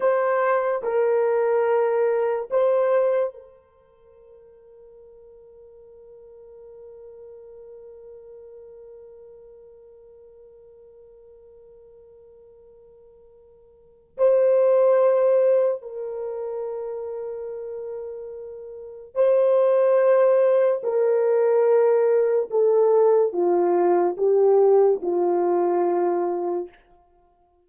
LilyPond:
\new Staff \with { instrumentName = "horn" } { \time 4/4 \tempo 4 = 72 c''4 ais'2 c''4 | ais'1~ | ais'1~ | ais'1~ |
ais'4 c''2 ais'4~ | ais'2. c''4~ | c''4 ais'2 a'4 | f'4 g'4 f'2 | }